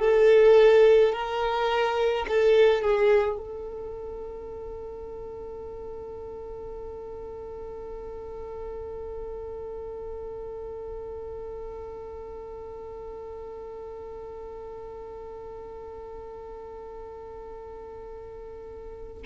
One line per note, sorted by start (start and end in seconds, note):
0.00 1.13 A4
1.13 2.26 A#4
2.28 2.83 A4
2.83 3.38 G#4
3.38 19.23 A4